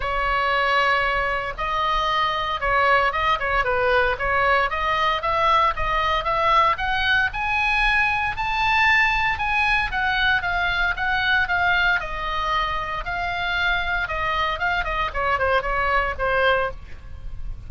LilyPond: \new Staff \with { instrumentName = "oboe" } { \time 4/4 \tempo 4 = 115 cis''2. dis''4~ | dis''4 cis''4 dis''8 cis''8 b'4 | cis''4 dis''4 e''4 dis''4 | e''4 fis''4 gis''2 |
a''2 gis''4 fis''4 | f''4 fis''4 f''4 dis''4~ | dis''4 f''2 dis''4 | f''8 dis''8 cis''8 c''8 cis''4 c''4 | }